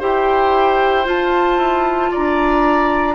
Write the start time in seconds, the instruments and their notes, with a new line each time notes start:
0.00 bassoon E4, clarinet G4, oboe C5, flute G5
1.05 clarinet F4, bassoon F4, flute A5
1.58 bassoon E4
2.12 bassoon D4, oboe D5, flute A#5